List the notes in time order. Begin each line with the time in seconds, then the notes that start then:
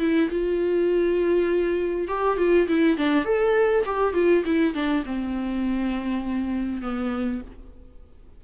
0.00 E4
0.31 F4
2.08 G4
2.38 F4
2.68 E4
2.97 D4
3.25 A4
3.85 G4
4.14 F4
4.45 E4
4.74 D4
5.06 C4
6.82 B3